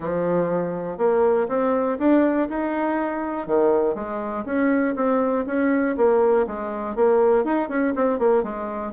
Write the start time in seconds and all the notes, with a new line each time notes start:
0.00 F3
0.97 A#3
1.48 C4
1.98 D4
2.49 D#4
3.46 D#3
3.94 G#3
4.45 C#4
4.95 C4
5.46 C#4
5.96 A#3
6.46 G#3
6.95 A#3
7.44 D#4
7.68 C#4
7.95 C4
8.18 A#3
8.43 G#3